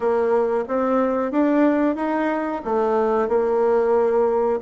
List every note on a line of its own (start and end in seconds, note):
0.00 0.64 A#3
0.68 1.31 C4
1.31 1.95 D4
1.95 2.61 D#4
2.64 3.28 A3
3.28 4.60 A#3